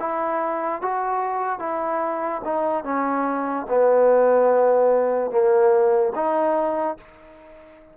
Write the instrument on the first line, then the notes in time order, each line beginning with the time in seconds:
trombone
0.00 E4
0.82 F#4
1.60 E4
2.45 D#4
2.84 C#4
3.69 B3
5.31 A#3
6.15 D#4